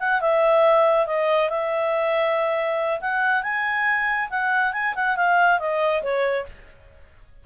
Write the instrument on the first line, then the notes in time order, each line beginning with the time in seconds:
clarinet
0.00 F#5
0.21 E5
1.07 D#5
1.50 E5
3.01 F#5
3.43 G#5
4.30 F#5
4.73 G#5
4.95 F#5
5.17 F5
5.60 D#5
6.03 C#5